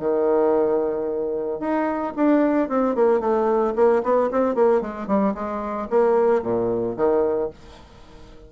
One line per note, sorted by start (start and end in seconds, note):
0.00 1.60 D#3
1.60 2.14 D#4
2.16 2.69 D4
2.69 2.96 C4
2.96 3.20 A#3
3.20 3.74 A3
3.76 4.03 A#3
4.03 4.30 B3
4.32 4.55 C4
4.55 4.82 A#3
4.82 5.08 G#3
5.08 5.34 G3
5.34 5.88 G#3
5.90 6.43 A#3
6.43 6.96 A#2
6.97 7.50 D#3